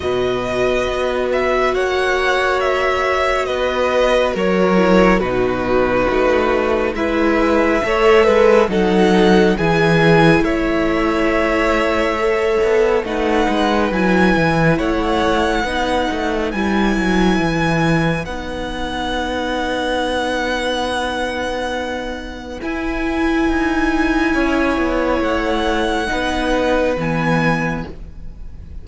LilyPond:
<<
  \new Staff \with { instrumentName = "violin" } { \time 4/4 \tempo 4 = 69 dis''4. e''8 fis''4 e''4 | dis''4 cis''4 b'2 | e''2 fis''4 gis''4 | e''2. fis''4 |
gis''4 fis''2 gis''4~ | gis''4 fis''2.~ | fis''2 gis''2~ | gis''4 fis''2 gis''4 | }
  \new Staff \with { instrumentName = "violin" } { \time 4/4 b'2 cis''2 | b'4 ais'4 fis'2 | b'4 cis''8 b'8 a'4 gis'4 | cis''2. b'4~ |
b'4 cis''4 b'2~ | b'1~ | b'1 | cis''2 b'2 | }
  \new Staff \with { instrumentName = "viola" } { \time 4/4 fis'1~ | fis'4. e'8 dis'2 | e'4 a'4 dis'4 e'4~ | e'2 a'4 dis'4 |
e'2 dis'4 e'4~ | e'4 dis'2.~ | dis'2 e'2~ | e'2 dis'4 b4 | }
  \new Staff \with { instrumentName = "cello" } { \time 4/4 b,4 b4 ais2 | b4 fis4 b,4 a4 | gis4 a8 gis8 fis4 e4 | a2~ a8 b8 a8 gis8 |
fis8 e8 a4 b8 a8 g8 fis8 | e4 b2.~ | b2 e'4 dis'4 | cis'8 b8 a4 b4 e4 | }
>>